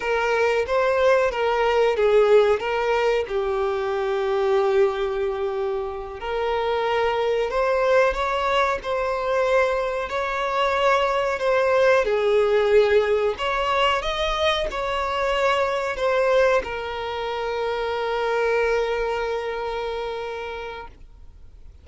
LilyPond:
\new Staff \with { instrumentName = "violin" } { \time 4/4 \tempo 4 = 92 ais'4 c''4 ais'4 gis'4 | ais'4 g'2.~ | g'4. ais'2 c''8~ | c''8 cis''4 c''2 cis''8~ |
cis''4. c''4 gis'4.~ | gis'8 cis''4 dis''4 cis''4.~ | cis''8 c''4 ais'2~ ais'8~ | ais'1 | }